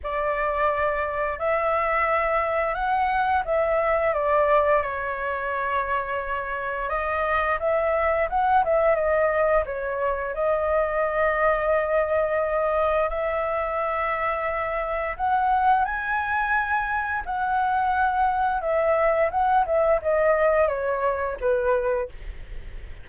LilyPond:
\new Staff \with { instrumentName = "flute" } { \time 4/4 \tempo 4 = 87 d''2 e''2 | fis''4 e''4 d''4 cis''4~ | cis''2 dis''4 e''4 | fis''8 e''8 dis''4 cis''4 dis''4~ |
dis''2. e''4~ | e''2 fis''4 gis''4~ | gis''4 fis''2 e''4 | fis''8 e''8 dis''4 cis''4 b'4 | }